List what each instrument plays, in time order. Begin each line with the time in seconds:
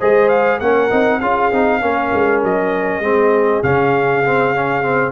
0.00 tuba G#3, trombone G#4, horn C5, trumpet D#5
0.29 trumpet F5
0.59 tuba A#3, trombone C#4, horn A#4, trumpet F#5
0.91 tuba C4, trombone D#4
1.20 tuba C#4, trombone F4, horn G#4, trumpet F5
1.52 tuba C4, trombone D#4
1.82 tuba A#3, trombone C#4, horn A#4
2.13 tuba G#3
2.43 tuba F#3, trumpet D#5
3.00 tuba G#3, trombone C4, horn G#4
3.64 tuba C#3, trombone C#4, trumpet F5
4.25 trombone C4
4.56 trombone C#4
4.83 trombone C4